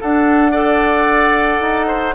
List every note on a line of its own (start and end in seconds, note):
0.00 0.52 D4
0.00 1.60 D4
0.00 0.51 A4
0.00 2.14 F#5
0.51 2.14 A4
0.51 1.87 D5
1.60 2.14 D#4
1.87 2.14 C5